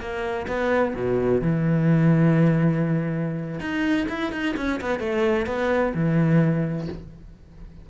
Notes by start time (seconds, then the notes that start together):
0.00 A#3
0.47 B3
0.95 B2
1.41 E3
3.60 D#4
4.09 E4
4.32 D#4
4.56 C#4
4.81 B3
4.99 A3
5.46 B3
5.95 E3